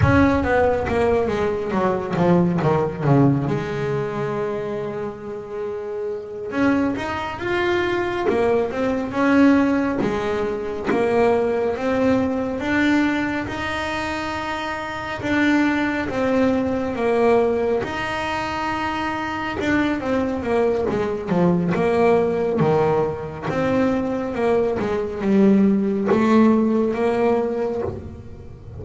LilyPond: \new Staff \with { instrumentName = "double bass" } { \time 4/4 \tempo 4 = 69 cis'8 b8 ais8 gis8 fis8 f8 dis8 cis8 | gis2.~ gis8 cis'8 | dis'8 f'4 ais8 c'8 cis'4 gis8~ | gis8 ais4 c'4 d'4 dis'8~ |
dis'4. d'4 c'4 ais8~ | ais8 dis'2 d'8 c'8 ais8 | gis8 f8 ais4 dis4 c'4 | ais8 gis8 g4 a4 ais4 | }